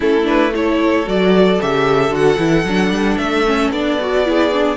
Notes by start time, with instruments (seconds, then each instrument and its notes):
0.00 cello A3, viola C#4, violin E4 A4
0.23 viola D4, violin B4
0.54 viola E4, violin A4 C#5
1.05 cello F#3, viola F#4, violin D5
1.61 cello C#3, viola G4, violin E5
2.10 cello D3, viola F#4, violin F#5
2.38 cello E3, viola E4
2.64 cello F#3, viola D4
2.90 cello G3
3.17 cello A3, violin E5
3.46 viola C#4
3.70 cello B3, viola D4, violin D5
4.00 viola F#4
4.25 viola E4, violin G#4
4.53 viola D4